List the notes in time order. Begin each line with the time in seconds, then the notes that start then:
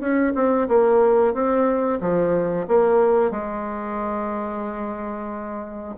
0.00 C#4
0.35 C4
0.68 A#3
1.33 C4
2.00 F3
2.68 A#3
3.31 G#3